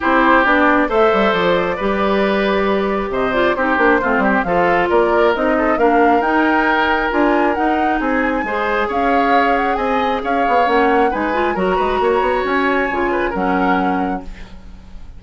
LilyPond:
<<
  \new Staff \with { instrumentName = "flute" } { \time 4/4 \tempo 4 = 135 c''4 d''4 e''4 d''4~ | d''2. dis''8 d''8 | c''2 f''4 d''4 | dis''4 f''4 g''2 |
gis''4 fis''4 gis''2 | f''4. fis''8 gis''4 f''4 | fis''4 gis''4 ais''2 | gis''2 fis''2 | }
  \new Staff \with { instrumentName = "oboe" } { \time 4/4 g'2 c''2 | b'2. c''4 | g'4 f'8 g'8 a'4 ais'4~ | ais'8 a'8 ais'2.~ |
ais'2 gis'4 c''4 | cis''2 dis''4 cis''4~ | cis''4 b'4 ais'8 b'8 cis''4~ | cis''4. b'8 ais'2 | }
  \new Staff \with { instrumentName = "clarinet" } { \time 4/4 e'4 d'4 a'2 | g'2.~ g'8 f'8 | dis'8 d'8 c'4 f'2 | dis'4 d'4 dis'2 |
f'4 dis'2 gis'4~ | gis'1 | cis'4 dis'8 f'8 fis'2~ | fis'4 f'4 cis'2 | }
  \new Staff \with { instrumentName = "bassoon" } { \time 4/4 c'4 b4 a8 g8 f4 | g2. c4 | c'8 ais8 a8 g8 f4 ais4 | c'4 ais4 dis'2 |
d'4 dis'4 c'4 gis4 | cis'2 c'4 cis'8 b8 | ais4 gis4 fis8 gis8 ais8 b8 | cis'4 cis4 fis2 | }
>>